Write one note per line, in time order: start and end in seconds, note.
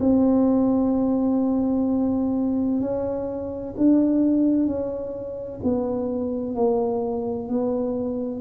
0.00 2.81 C4
2.81 3.75 C#4
3.77 4.67 D4
4.67 5.60 C#4
5.63 6.55 B3
6.55 7.49 A#3
7.49 8.41 B3